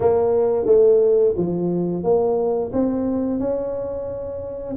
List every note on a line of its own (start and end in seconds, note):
0.00 0.66 A#3
0.66 1.34 A3
1.36 2.03 F3
2.03 2.71 A#3
2.72 3.39 C4
3.39 4.76 C#4